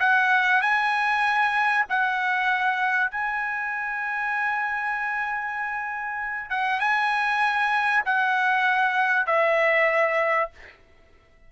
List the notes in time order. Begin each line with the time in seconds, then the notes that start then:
0.00 F#5
0.62 G#5
1.90 F#5
3.11 G#5
6.50 F#5
6.80 G#5
8.06 F#5
9.27 E5